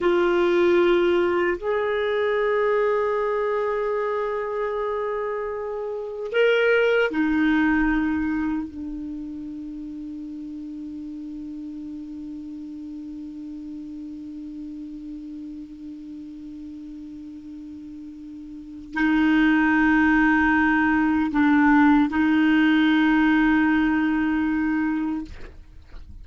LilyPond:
\new Staff \with { instrumentName = "clarinet" } { \time 4/4 \tempo 4 = 76 f'2 gis'2~ | gis'1 | ais'4 dis'2 d'4~ | d'1~ |
d'1~ | d'1 | dis'2. d'4 | dis'1 | }